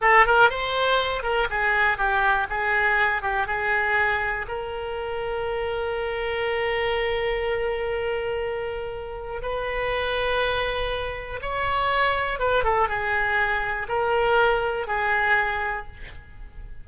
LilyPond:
\new Staff \with { instrumentName = "oboe" } { \time 4/4 \tempo 4 = 121 a'8 ais'8 c''4. ais'8 gis'4 | g'4 gis'4. g'8 gis'4~ | gis'4 ais'2.~ | ais'1~ |
ais'2. b'4~ | b'2. cis''4~ | cis''4 b'8 a'8 gis'2 | ais'2 gis'2 | }